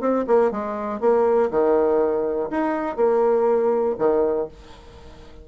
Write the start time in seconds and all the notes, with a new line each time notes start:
0.00 C4
0.27 A#3
0.51 G#3
1.00 A#3
1.51 D#3
2.50 D#4
2.96 A#3
3.98 D#3